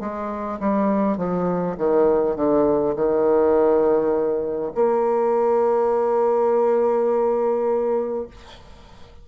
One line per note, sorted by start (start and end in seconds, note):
0.00 0.59 G#3
0.60 1.17 G3
1.17 1.76 F3
1.78 2.36 D#3
2.36 2.95 D3
2.96 4.72 D#3
4.75 8.28 A#3